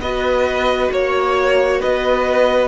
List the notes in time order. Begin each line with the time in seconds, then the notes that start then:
0.00 B3 F#4 B4 D#5
0.91 A#3 C#5
1.80 B3 B4 D#5